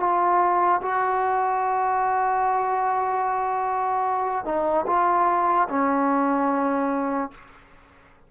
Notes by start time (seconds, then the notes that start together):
0.00 F4
0.82 F#4
4.45 D#4
4.87 F4
5.69 C#4